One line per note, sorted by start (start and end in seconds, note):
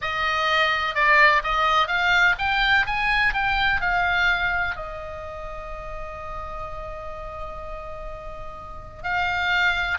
0.01 0.94 D#5
0.94 1.42 D5
1.43 1.87 D#5
1.87 2.35 F5
2.38 2.85 G5
2.86 3.33 G#5
3.33 3.81 G5
3.81 4.76 F5
4.76 9.03 D#5
9.03 9.98 F5